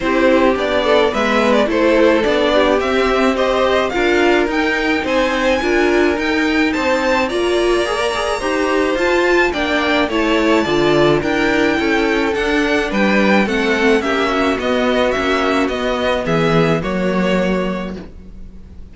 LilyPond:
<<
  \new Staff \with { instrumentName = "violin" } { \time 4/4 \tempo 4 = 107 c''4 d''4 e''8. d''16 c''4 | d''4 e''4 dis''4 f''4 | g''4 gis''2 g''4 | a''4 ais''2. |
a''4 g''4 a''2 | g''2 fis''4 g''4 | fis''4 e''4 dis''4 e''4 | dis''4 e''4 cis''2 | }
  \new Staff \with { instrumentName = "violin" } { \time 4/4 g'4. a'8 b'4 a'4~ | a'8 g'4. c''4 ais'4~ | ais'4 c''4 ais'2 | c''4 d''2 c''4~ |
c''4 d''4 cis''4 d''4 | ais'4 a'2 b'4 | a'4 g'8 fis'2~ fis'8~ | fis'4 gis'4 fis'2 | }
  \new Staff \with { instrumentName = "viola" } { \time 4/4 e'4 d'4 b4 e'4 | d'4 c'4 g'4 f'4 | dis'2 f'4 dis'4~ | dis'4 f'4 gis'16 ais'16 gis'8 g'4 |
f'4 d'4 e'4 f'4 | e'2 d'2 | c'4 cis'4 b4 cis'4 | b2 ais2 | }
  \new Staff \with { instrumentName = "cello" } { \time 4/4 c'4 b4 gis4 a4 | b4 c'2 d'4 | dis'4 c'4 d'4 dis'4 | c'4 ais2 dis'4 |
f'4 ais4 a4 d4 | d'4 cis'4 d'4 g4 | a4 ais4 b4 ais4 | b4 e4 fis2 | }
>>